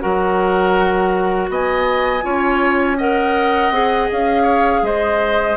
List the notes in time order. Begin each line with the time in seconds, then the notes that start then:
0.00 F#3 F#4 A#4 F#5
1.50 B3 D#5 G#5
2.23 C#4 F4 C#5
2.98 A#4 D#5 F#5
3.71 C4 G#4
4.11 C#4 F5
4.43 C#5
4.82 G#3 C5 D#5